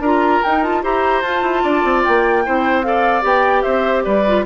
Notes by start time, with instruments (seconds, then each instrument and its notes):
0.00 bassoon D4, clarinet F4, oboe A#4, flute A#5
0.44 clarinet D#4, bassoon D#4, flute G5
0.63 clarinet F4, flute A5
0.83 bassoon E4, clarinet G4, oboe C5, flute A#5
1.22 bassoon F4, clarinet F4, flute A5
1.42 bassoon E4
1.63 bassoon D4, oboe D5
1.85 bassoon C4
2.05 bassoon A#3, flute G5
2.45 bassoon C4, clarinet E4, oboe C5
2.83 clarinet A4, oboe D5, flute F5
3.22 bassoon B3, clarinet G4, flute G5
3.63 bassoon C4, oboe C5, flute E5
4.04 bassoon G3, oboe B4, flute D5
4.28 clarinet F4